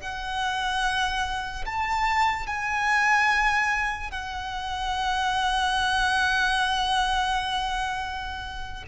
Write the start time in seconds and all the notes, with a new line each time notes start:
0.00 F#5
1.66 A5
2.47 G#5
4.11 F#5